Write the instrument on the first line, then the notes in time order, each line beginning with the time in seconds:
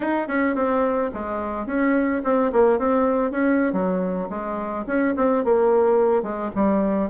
bassoon
0.00 D#4
0.27 C#4
0.55 C4
1.13 G#3
1.66 C#4
2.24 C4
2.52 A#3
2.78 C4
3.31 C#4
3.72 F#3
4.29 G#3
4.86 C#4
5.16 C4
5.44 A#3
6.22 G#3
6.55 G3